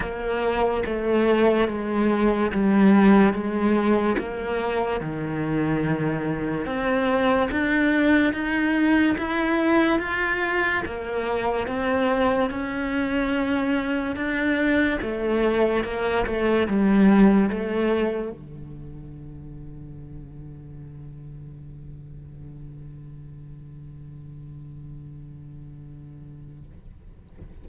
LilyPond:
\new Staff \with { instrumentName = "cello" } { \time 4/4 \tempo 4 = 72 ais4 a4 gis4 g4 | gis4 ais4 dis2 | c'4 d'4 dis'4 e'4 | f'4 ais4 c'4 cis'4~ |
cis'4 d'4 a4 ais8 a8 | g4 a4 d2~ | d1~ | d1 | }